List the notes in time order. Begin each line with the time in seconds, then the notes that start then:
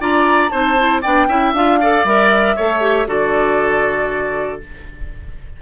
0.00 D4 F4 D5 A#5
0.49 C4 D#4 C5 A5
0.78 E4
1.02 B3 D4 D5 G5
1.29 C#4 E4 E5
1.53 D4 F4 F5
1.81 A4 D5
2.04 G3 A#4 E5
2.57 A3 A4 C#5
2.81 G4
3.07 D3 F#4 A4 D5